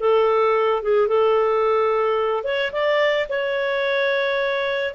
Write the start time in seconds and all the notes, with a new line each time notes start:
0.00 A4
0.83 G#4
1.08 A4
2.44 C#5
2.72 D5
3.29 C#5